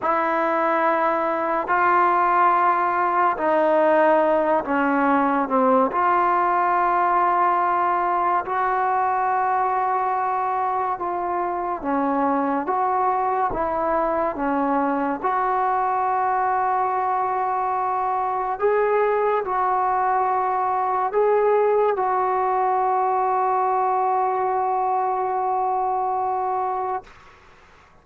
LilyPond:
\new Staff \with { instrumentName = "trombone" } { \time 4/4 \tempo 4 = 71 e'2 f'2 | dis'4. cis'4 c'8 f'4~ | f'2 fis'2~ | fis'4 f'4 cis'4 fis'4 |
e'4 cis'4 fis'2~ | fis'2 gis'4 fis'4~ | fis'4 gis'4 fis'2~ | fis'1 | }